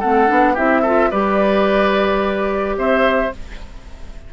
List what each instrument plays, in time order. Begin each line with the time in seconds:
0.00 bassoon A3, clarinet C4, oboe A4, flute F#5
0.27 bassoon B3, clarinet D4
0.54 bassoon C4, clarinet E4, oboe G4, flute E5
0.82 clarinet F4, oboe A4
1.11 bassoon G3, clarinet G4, oboe B4, flute D5
2.77 bassoon C4, oboe C5, flute E5